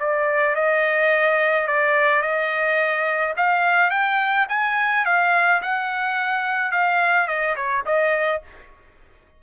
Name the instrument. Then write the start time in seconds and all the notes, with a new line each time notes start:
trumpet
0.00 D5
0.55 D#5
1.68 D5
2.22 D#5
3.37 F5
3.91 G5
4.49 G#5
5.06 F5
5.62 F#5
6.72 F5
7.28 D#5
7.56 C#5
7.86 D#5